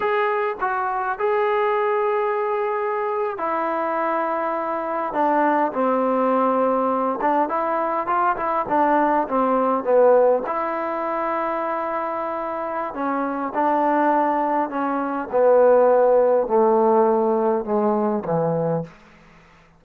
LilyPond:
\new Staff \with { instrumentName = "trombone" } { \time 4/4 \tempo 4 = 102 gis'4 fis'4 gis'2~ | gis'4.~ gis'16 e'2~ e'16~ | e'8. d'4 c'2~ c'16~ | c'16 d'8 e'4 f'8 e'8 d'4 c'16~ |
c'8. b4 e'2~ e'16~ | e'2 cis'4 d'4~ | d'4 cis'4 b2 | a2 gis4 e4 | }